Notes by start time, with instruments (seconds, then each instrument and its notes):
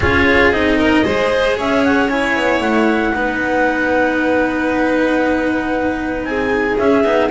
0.00 double bass C#4, cello F4, violin G#4, clarinet C#5
0.50 double bass C4, cello D#4, clarinet D#5
0.77 violin A#4
1.04 double bass G#3, cello G#4, violin C5
1.56 double bass C#4, violin C#5, clarinet E5
1.84 clarinet F#5
2.09 cello E4, clarinet G#5
2.36 double bass B3
2.60 double bass A3, clarinet F#5
3.13 double bass B3, cello D#4, violin B4
6.23 double bass C4, violin G#4, clarinet G#5
6.77 double bass C#4, cello C#4, clarinet E5
7.04 double bass B3, cello D#4